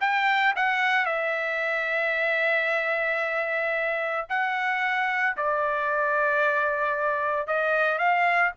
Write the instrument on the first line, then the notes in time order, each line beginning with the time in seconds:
trumpet
0.00 G5
0.56 F#5
1.05 E5
4.29 F#5
5.36 D5
7.47 D#5
7.98 F5